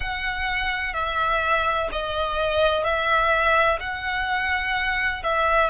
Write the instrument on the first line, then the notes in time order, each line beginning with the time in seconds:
violin
0.00 F#5
0.93 E5
1.91 D#5
2.84 E5
3.80 F#5
5.23 E5